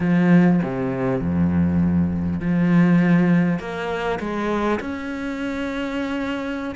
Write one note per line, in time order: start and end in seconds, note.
0.00 0.60 F3
0.62 1.21 C3
1.21 2.40 F2
2.40 3.59 F3
3.59 4.19 A#3
4.19 4.79 G#3
4.80 6.75 C#4